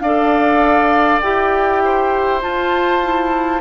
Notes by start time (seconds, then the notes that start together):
0.00 D4 A4 D5 F5
1.21 E4 G4 G5
1.84 C5
2.41 F4 A5
3.03 E4